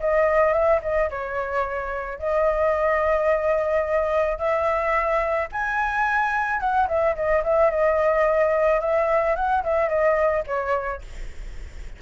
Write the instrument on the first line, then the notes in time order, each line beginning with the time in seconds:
flute
0.00 D#5
0.52 E5
0.82 D#5
1.10 C#5
2.18 D#5
4.38 E5
5.52 G#5
6.60 F#5
6.88 E5
7.15 D#5
7.44 E5
7.70 D#5
8.80 E5
9.36 F#5
9.63 E5
9.89 D#5
10.46 C#5